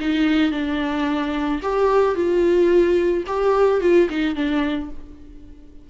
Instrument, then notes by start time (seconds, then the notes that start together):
viola
0.00 D#4
0.52 D4
1.62 G4
2.15 F4
3.27 G4
3.81 F4
4.10 D#4
4.35 D4